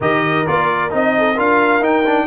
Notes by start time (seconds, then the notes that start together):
0.00 D#3 G4 A#4 D#5
0.46 A#3 F4 D5
0.89 C4 D#4 D#5
1.17 A4
1.34 D4 F4 A#4 F5
1.79 D#4 G5
2.05 D4